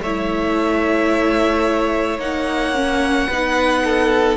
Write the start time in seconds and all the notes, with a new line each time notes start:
0.00 A3 E4 C#5 E5
2.18 A#3 D#4 F#5
2.74 C#4
3.27 B3 D#4 B4
3.84 A4